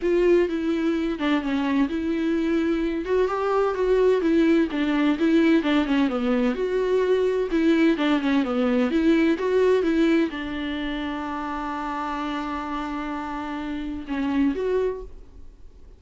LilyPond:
\new Staff \with { instrumentName = "viola" } { \time 4/4 \tempo 4 = 128 f'4 e'4. d'8 cis'4 | e'2~ e'8 fis'8 g'4 | fis'4 e'4 d'4 e'4 | d'8 cis'8 b4 fis'2 |
e'4 d'8 cis'8 b4 e'4 | fis'4 e'4 d'2~ | d'1~ | d'2 cis'4 fis'4 | }